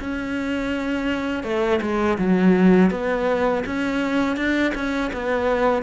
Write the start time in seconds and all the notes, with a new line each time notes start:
0.00 C#4
1.44 A3
1.82 G#3
2.19 F#3
2.91 B3
3.67 C#4
4.37 D4
4.75 C#4
5.14 B3